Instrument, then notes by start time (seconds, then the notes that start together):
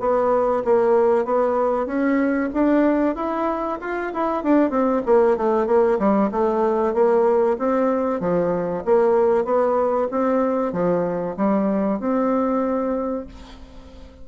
bassoon
0.00 B3
0.65 A#3
1.25 B3
1.86 C#4
2.53 D4
3.16 E4
3.81 F4
4.13 E4
4.44 D4
4.71 C4
5.06 A#3
5.37 A3
5.67 A#3
5.99 G3
6.32 A3
6.94 A#3
7.59 C4
8.20 F3
8.85 A#3
9.45 B3
10.11 C4
10.73 F3
11.37 G3
12.00 C4